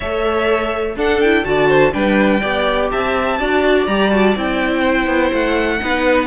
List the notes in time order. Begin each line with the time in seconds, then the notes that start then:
0.00 A3 A4 C#5 E5
0.95 D4 A4 F#5
1.20 E4 G5
1.44 D3 F#4 D5 A5
1.68 C5
1.91 G3 D4 B4 G5
2.40 B3 G4 D5
2.90 C4 E5 A5
3.39 D4 F#4 D5
3.86 G3 G4 A#5
4.10 F#4 A5
4.36 C4 E4 G5
4.80 C5
5.06 B3
5.32 A3 F#5
5.79 B3 D#4 B4